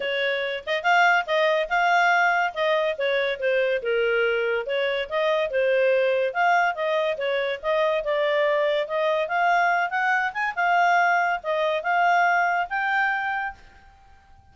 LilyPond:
\new Staff \with { instrumentName = "clarinet" } { \time 4/4 \tempo 4 = 142 cis''4. dis''8 f''4 dis''4 | f''2 dis''4 cis''4 | c''4 ais'2 cis''4 | dis''4 c''2 f''4 |
dis''4 cis''4 dis''4 d''4~ | d''4 dis''4 f''4. fis''8~ | fis''8 gis''8 f''2 dis''4 | f''2 g''2 | }